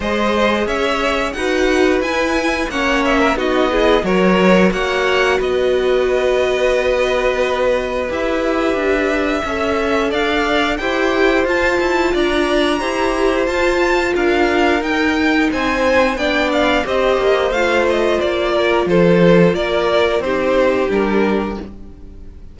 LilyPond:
<<
  \new Staff \with { instrumentName = "violin" } { \time 4/4 \tempo 4 = 89 dis''4 e''4 fis''4 gis''4 | fis''8 e''8 dis''4 cis''4 fis''4 | dis''1 | e''2. f''4 |
g''4 a''4 ais''2 | a''4 f''4 g''4 gis''4 | g''8 f''8 dis''4 f''8 dis''8 d''4 | c''4 d''4 c''4 ais'4 | }
  \new Staff \with { instrumentName = "violin" } { \time 4/4 c''4 cis''4 b'2 | cis''8. ais'16 fis'8 gis'8 ais'4 cis''4 | b'1~ | b'2 e''4 d''4 |
c''2 d''4 c''4~ | c''4 ais'2 c''4 | d''4 c''2~ c''8 ais'8 | a'4 ais'4 g'2 | }
  \new Staff \with { instrumentName = "viola" } { \time 4/4 gis'2 fis'4 e'4 | cis'4 dis'8 e'8 fis'2~ | fis'1 | g'2 a'2 |
g'4 f'2 g'4 | f'2 dis'2 | d'4 g'4 f'2~ | f'2 dis'4 d'4 | }
  \new Staff \with { instrumentName = "cello" } { \time 4/4 gis4 cis'4 dis'4 e'4 | ais4 b4 fis4 ais4 | b1 | e'4 d'4 cis'4 d'4 |
e'4 f'8 e'8 d'4 e'4 | f'4 d'4 dis'4 c'4 | b4 c'8 ais8 a4 ais4 | f4 ais4 c'4 g4 | }
>>